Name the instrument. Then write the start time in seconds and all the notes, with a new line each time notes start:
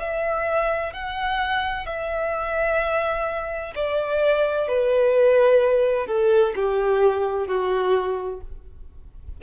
violin
0.00 E5
0.94 F#5
1.87 E5
3.76 D5
4.68 B4
6.07 A4
6.56 G4
7.47 F#4